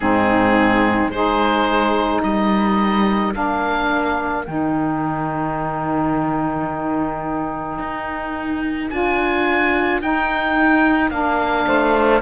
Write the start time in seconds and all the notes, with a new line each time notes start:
0.00 G#2 C4 D#4 G#4
1.08 G#3 D#4 G#4 C5
2.22 G3 A#4 D#5
3.32 A#3 D4 F5
4.45 D#3 D#4 G5
7.78 D#4
8.90 D4 F4 G#5
10.00 D#4 G5
11.10 A#3 D4 F5
11.66 A3 C5